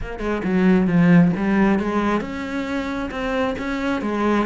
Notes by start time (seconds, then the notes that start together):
0.01 A#3
0.19 G#3
0.44 F#3
0.87 F3
1.37 G3
1.79 G#3
2.21 C#4
3.11 C4
3.58 C#4
4.01 G#3